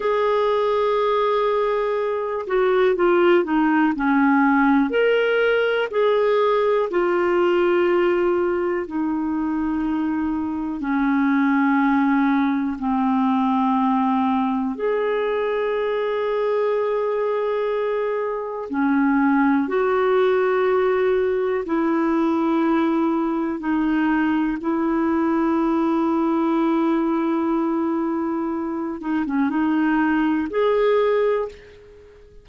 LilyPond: \new Staff \with { instrumentName = "clarinet" } { \time 4/4 \tempo 4 = 61 gis'2~ gis'8 fis'8 f'8 dis'8 | cis'4 ais'4 gis'4 f'4~ | f'4 dis'2 cis'4~ | cis'4 c'2 gis'4~ |
gis'2. cis'4 | fis'2 e'2 | dis'4 e'2.~ | e'4. dis'16 cis'16 dis'4 gis'4 | }